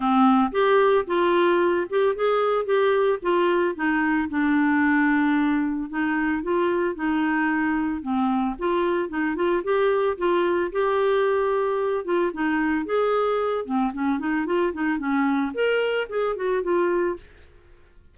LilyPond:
\new Staff \with { instrumentName = "clarinet" } { \time 4/4 \tempo 4 = 112 c'4 g'4 f'4. g'8 | gis'4 g'4 f'4 dis'4 | d'2. dis'4 | f'4 dis'2 c'4 |
f'4 dis'8 f'8 g'4 f'4 | g'2~ g'8 f'8 dis'4 | gis'4. c'8 cis'8 dis'8 f'8 dis'8 | cis'4 ais'4 gis'8 fis'8 f'4 | }